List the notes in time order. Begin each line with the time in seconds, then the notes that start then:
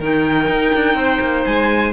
0.00 D#3 D#4 A#4 G5
0.49 D#4
0.75 D4
0.95 C4 C5
1.21 A#3
1.46 G#3 G#5